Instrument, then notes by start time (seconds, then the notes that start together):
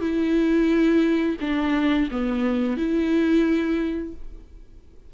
viola
0.00 E4
1.40 D4
2.11 B3
2.76 E4